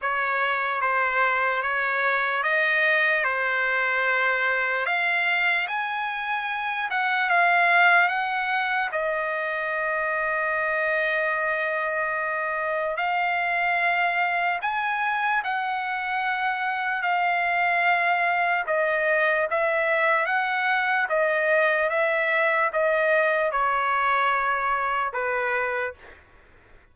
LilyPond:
\new Staff \with { instrumentName = "trumpet" } { \time 4/4 \tempo 4 = 74 cis''4 c''4 cis''4 dis''4 | c''2 f''4 gis''4~ | gis''8 fis''8 f''4 fis''4 dis''4~ | dis''1 |
f''2 gis''4 fis''4~ | fis''4 f''2 dis''4 | e''4 fis''4 dis''4 e''4 | dis''4 cis''2 b'4 | }